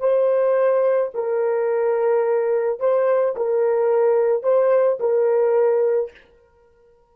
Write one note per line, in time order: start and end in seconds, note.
0.00 1.11 C5
1.15 2.80 A#4
2.80 3.36 C5
3.36 4.43 A#4
4.43 4.99 C5
5.00 6.11 A#4